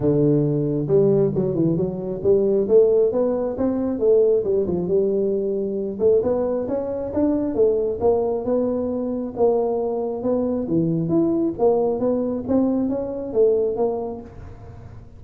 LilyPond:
\new Staff \with { instrumentName = "tuba" } { \time 4/4 \tempo 4 = 135 d2 g4 fis8 e8 | fis4 g4 a4 b4 | c'4 a4 g8 f8 g4~ | g4. a8 b4 cis'4 |
d'4 a4 ais4 b4~ | b4 ais2 b4 | e4 e'4 ais4 b4 | c'4 cis'4 a4 ais4 | }